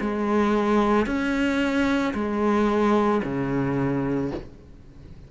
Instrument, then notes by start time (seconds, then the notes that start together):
cello
0.00 G#3
1.06 C#4
2.14 G#3
3.23 C#3